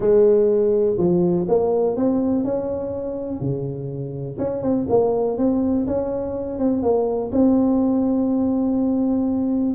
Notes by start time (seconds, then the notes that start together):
0.00 G#3
0.98 F3
1.48 A#3
1.96 C4
2.44 C#4
3.40 C#3
4.38 C#4
4.62 C4
4.89 A#3
5.37 C4
5.86 C#4
6.58 C4
6.82 A#3
7.32 C4